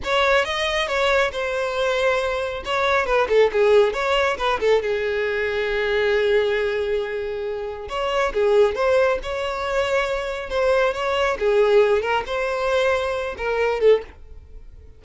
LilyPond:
\new Staff \with { instrumentName = "violin" } { \time 4/4 \tempo 4 = 137 cis''4 dis''4 cis''4 c''4~ | c''2 cis''4 b'8 a'8 | gis'4 cis''4 b'8 a'8 gis'4~ | gis'1~ |
gis'2 cis''4 gis'4 | c''4 cis''2. | c''4 cis''4 gis'4. ais'8 | c''2~ c''8 ais'4 a'8 | }